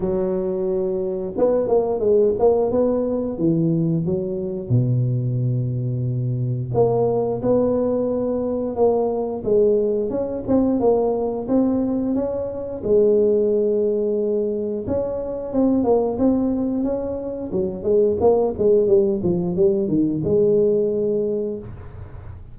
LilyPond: \new Staff \with { instrumentName = "tuba" } { \time 4/4 \tempo 4 = 89 fis2 b8 ais8 gis8 ais8 | b4 e4 fis4 b,4~ | b,2 ais4 b4~ | b4 ais4 gis4 cis'8 c'8 |
ais4 c'4 cis'4 gis4~ | gis2 cis'4 c'8 ais8 | c'4 cis'4 fis8 gis8 ais8 gis8 | g8 f8 g8 dis8 gis2 | }